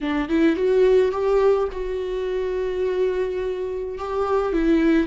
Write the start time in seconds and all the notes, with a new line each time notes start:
0.01 D4
0.28 E4
0.56 F#4
1.11 G4
1.72 F#4
3.98 G4
4.53 E4